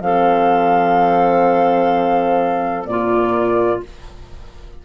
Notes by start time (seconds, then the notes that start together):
0.00 F3 C4 A4 F5
2.85 A#2 A#3 F4 D5